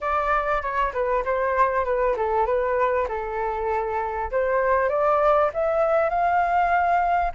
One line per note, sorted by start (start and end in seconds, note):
0.00 0.62 D5
0.62 0.92 C#5
0.93 1.24 B4
1.24 1.85 C5
1.85 2.15 B4
2.16 2.45 A4
2.45 3.07 B4
3.08 4.31 A4
4.31 4.89 C5
4.89 5.50 D5
5.53 6.09 E5
6.09 7.32 F5